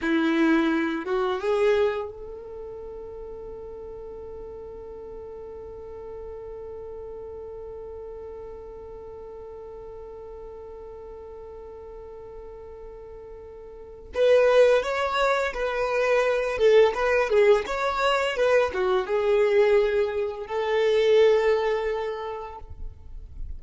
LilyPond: \new Staff \with { instrumentName = "violin" } { \time 4/4 \tempo 4 = 85 e'4. fis'8 gis'4 a'4~ | a'1~ | a'1~ | a'1~ |
a'1 | b'4 cis''4 b'4. a'8 | b'8 gis'8 cis''4 b'8 fis'8 gis'4~ | gis'4 a'2. | }